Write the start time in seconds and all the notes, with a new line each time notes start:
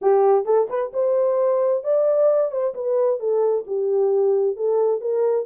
0.01 G4
0.45 A4
0.69 B4
0.93 C5
1.83 D5
2.51 C5
2.74 B4
3.19 A4
3.66 G4
4.56 A4
5.00 A#4